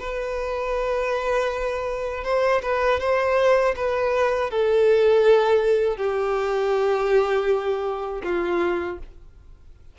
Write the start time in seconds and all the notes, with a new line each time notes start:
0.00 B4
2.24 C5
2.63 B4
3.00 C5
3.76 B4
4.51 A4
5.97 G4
8.24 F4